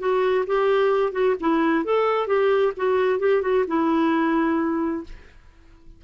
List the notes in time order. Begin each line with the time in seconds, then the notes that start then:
0.00 F#4
0.47 G4
1.13 F#4
1.40 E4
1.85 A4
2.27 G4
2.77 F#4
3.20 G4
3.42 F#4
3.68 E4